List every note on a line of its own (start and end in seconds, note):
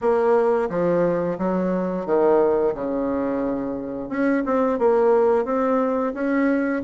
0.01 0.69 A#3
0.69 1.37 F3
1.38 2.05 F#3
2.05 2.74 D#3
2.74 4.09 C#3
4.09 4.43 C#4
4.45 4.78 C4
4.78 5.45 A#3
5.45 6.13 C4
6.14 6.82 C#4